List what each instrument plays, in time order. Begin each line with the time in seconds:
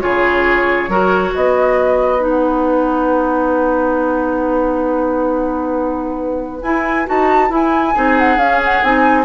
0.00 bassoon C#3, clarinet F4, oboe G#4, flute C#5
0.88 bassoon F#3, clarinet F#4, oboe A#4
1.34 bassoon B3, oboe B4, flute D#5
2.19 clarinet D#4, flute F#5
6.62 bassoon E4, clarinet E4, flute G#5
7.06 bassoon D#4, clarinet F#4, flute A5
7.49 clarinet E4, bassoon E4, flute G#5
7.94 bassoon C4, clarinet D#4, oboe G#4
8.19 flute F#5
8.37 bassoon C#4, clarinet C#4, flute F5
8.65 flute F#5
8.83 bassoon C4, clarinet D#4, flute G#5